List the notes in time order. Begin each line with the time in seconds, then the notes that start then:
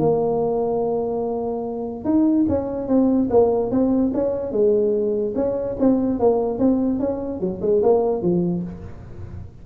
0.00 A#3
2.05 D#4
2.49 C#4
2.88 C4
3.31 A#3
3.71 C4
4.14 C#4
4.52 G#3
5.36 C#4
5.80 C4
6.20 A#3
6.59 C4
7.00 C#4
7.41 F#3
7.62 G#3
7.83 A#3
8.22 F3